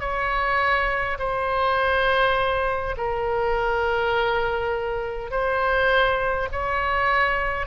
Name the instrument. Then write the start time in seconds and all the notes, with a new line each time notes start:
oboe
0.00 C#5
1.19 C5
2.97 A#4
5.30 C5
6.52 C#5